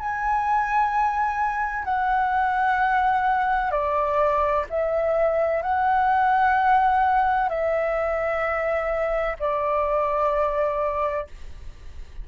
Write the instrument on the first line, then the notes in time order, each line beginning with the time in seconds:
flute
0.00 G#5
1.85 F#5
3.72 D5
4.70 E5
5.62 F#5
7.49 E5
9.40 D5